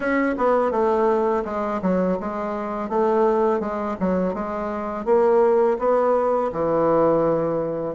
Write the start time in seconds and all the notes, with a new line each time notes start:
0.00 C#4
0.37 B3
0.71 A3
1.45 G#3
1.82 F#3
2.19 G#3
2.89 A3
3.59 G#3
4.00 F#3
4.33 G#3
5.05 A#3
5.78 B3
6.52 E3